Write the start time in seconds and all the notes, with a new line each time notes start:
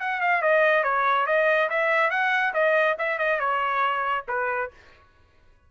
0.00 F#5
0.21 F5
0.42 D#5
0.84 C#5
1.27 D#5
1.70 E5
2.11 F#5
2.54 D#5
2.99 E5
3.19 D#5
3.40 C#5
4.28 B4